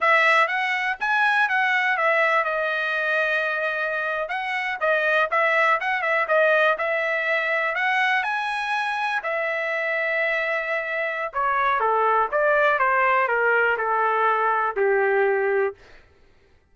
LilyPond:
\new Staff \with { instrumentName = "trumpet" } { \time 4/4 \tempo 4 = 122 e''4 fis''4 gis''4 fis''4 | e''4 dis''2.~ | dis''8. fis''4 dis''4 e''4 fis''16~ | fis''16 e''8 dis''4 e''2 fis''16~ |
fis''8. gis''2 e''4~ e''16~ | e''2. cis''4 | a'4 d''4 c''4 ais'4 | a'2 g'2 | }